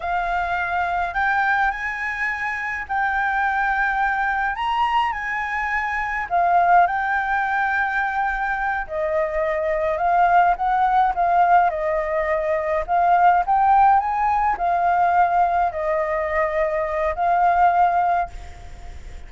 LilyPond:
\new Staff \with { instrumentName = "flute" } { \time 4/4 \tempo 4 = 105 f''2 g''4 gis''4~ | gis''4 g''2. | ais''4 gis''2 f''4 | g''2.~ g''8 dis''8~ |
dis''4. f''4 fis''4 f''8~ | f''8 dis''2 f''4 g''8~ | g''8 gis''4 f''2 dis''8~ | dis''2 f''2 | }